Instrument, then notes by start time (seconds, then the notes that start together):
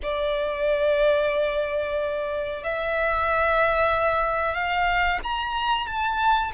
violin
0.03 D5
2.63 E5
4.54 F5
5.23 A#5
5.86 A5